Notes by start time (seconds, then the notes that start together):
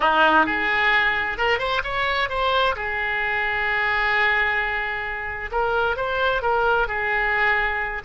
0.00 D#4
0.46 G#4
1.37 A#4
1.58 C5
1.83 C#5
2.29 C5
2.75 G#4
5.51 A#4
5.96 C5
6.42 A#4
6.87 G#4